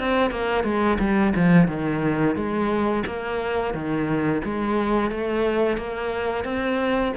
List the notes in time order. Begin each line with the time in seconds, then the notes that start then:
0.00 C4
0.31 A#3
0.64 G#3
0.99 G3
1.36 F3
1.68 D#3
2.36 G#3
3.07 A#3
3.74 D#3
4.45 G#3
5.11 A3
5.77 A#3
6.45 C4